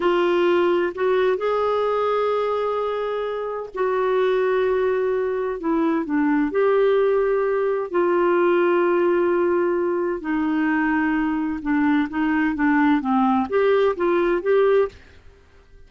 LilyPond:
\new Staff \with { instrumentName = "clarinet" } { \time 4/4 \tempo 4 = 129 f'2 fis'4 gis'4~ | gis'1 | fis'1 | e'4 d'4 g'2~ |
g'4 f'2.~ | f'2 dis'2~ | dis'4 d'4 dis'4 d'4 | c'4 g'4 f'4 g'4 | }